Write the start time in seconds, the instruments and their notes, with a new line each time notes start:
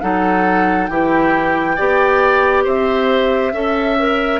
0.00 bassoon F#3, clarinet D#4, oboe A4, flute F#5
0.86 bassoon E3, clarinet E4, oboe G4, flute G5
1.76 bassoon B3, clarinet G4, oboe D5
2.64 bassoon C4, oboe C5, flute E5
3.52 bassoon C#4, clarinet A4, oboe E5
3.98 clarinet A#4